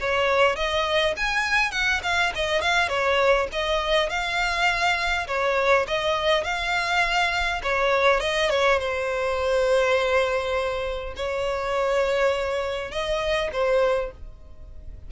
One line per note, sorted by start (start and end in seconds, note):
0.00 0.56 C#5
0.56 1.14 D#5
1.17 1.71 G#5
1.71 2.01 F#5
2.03 2.32 F5
2.35 2.61 D#5
2.61 2.89 F5
2.89 3.47 C#5
3.52 4.09 D#5
4.09 5.27 F5
5.27 5.86 C#5
5.87 6.44 D#5
6.44 7.61 F5
7.63 8.20 C#5
8.20 8.49 D#5
8.50 8.79 C#5
8.79 11.14 C5
11.16 12.91 C#5
12.91 13.50 D#5
13.53 14.11 C5